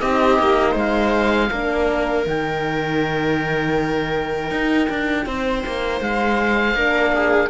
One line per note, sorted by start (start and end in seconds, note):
0.00 0.39 C4
0.00 1.51 D#4
0.00 0.72 G4
0.00 0.75 D#5
0.39 0.75 A#3
0.72 1.50 G#3
0.72 1.47 C5
0.78 2.28 F5
1.51 2.27 A#3
1.51 2.27 D4
1.51 5.26 A#4
2.27 4.51 D#3
2.27 6.76 D#4
2.27 6.02 G5
4.51 4.89 D#4
4.90 5.26 D4
5.26 5.64 C4
5.26 6.76 C5
5.67 6.01 A#3
6.01 6.75 G#3
6.01 7.50 F5
6.75 7.50 A#3
6.75 7.50 D4
6.75 7.13 A#4
7.14 7.50 G#4